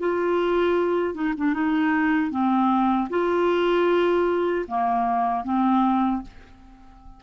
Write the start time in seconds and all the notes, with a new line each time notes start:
0.00 F4
1.15 D#4
1.37 D4
1.54 D#4
2.31 C4
3.10 F4
4.68 A#3
5.44 C4